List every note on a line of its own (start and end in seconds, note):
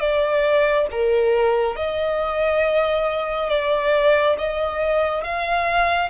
0.00 0.87 D5
0.91 1.75 A#4
1.75 3.49 D#5
3.49 4.36 D5
4.38 5.23 D#5
5.23 6.09 F5